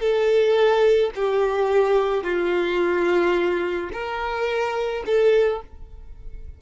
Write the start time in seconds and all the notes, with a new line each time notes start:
0.00 A4
1.15 G4
2.24 F4
3.93 A#4
5.06 A4